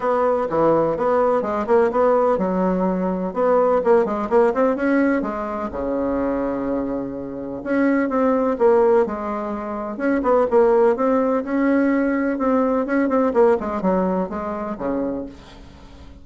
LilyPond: \new Staff \with { instrumentName = "bassoon" } { \time 4/4 \tempo 4 = 126 b4 e4 b4 gis8 ais8 | b4 fis2 b4 | ais8 gis8 ais8 c'8 cis'4 gis4 | cis1 |
cis'4 c'4 ais4 gis4~ | gis4 cis'8 b8 ais4 c'4 | cis'2 c'4 cis'8 c'8 | ais8 gis8 fis4 gis4 cis4 | }